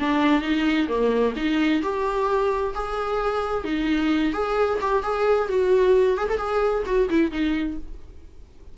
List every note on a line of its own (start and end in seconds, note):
0.00 0.42 D4
0.42 0.88 D#4
0.89 1.34 A#3
1.37 1.83 D#4
1.83 2.75 G4
2.75 3.65 G#4
3.65 4.33 D#4
4.34 4.79 G#4
4.81 5.04 G4
5.04 5.49 G#4
5.49 6.18 F#4
6.18 6.29 G#4
6.30 6.38 A4
6.38 6.84 G#4
6.86 7.09 F#4
7.10 7.32 E4
7.32 7.78 D#4